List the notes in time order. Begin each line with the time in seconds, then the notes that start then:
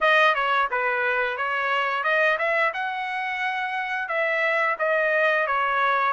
0.01 D#5
0.34 C#5
0.71 B4
1.37 C#5
2.03 D#5
2.38 E5
2.73 F#5
4.08 E5
4.79 D#5
5.46 C#5